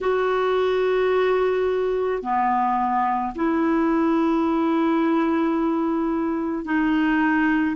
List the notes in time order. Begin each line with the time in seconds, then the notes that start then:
0.01 F#4
2.22 B3
3.35 E4
6.65 D#4